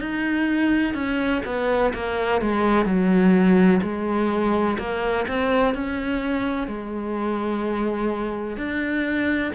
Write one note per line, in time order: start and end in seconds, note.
0.00 0.94 D#4
0.94 1.42 C#4
1.45 1.93 B3
1.94 2.41 A#3
2.41 2.85 G#3
2.85 3.81 F#3
3.82 4.77 G#3
4.78 5.26 A#3
5.28 5.74 C4
5.74 6.67 C#4
6.67 8.57 G#3
8.57 9.52 D4